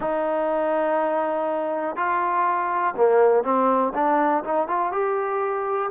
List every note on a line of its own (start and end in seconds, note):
0.00 1.95 D#4
1.95 2.94 F4
2.96 3.43 A#3
3.43 3.93 C4
3.94 4.43 D4
4.44 4.67 D#4
4.67 4.92 F4
4.92 5.90 G4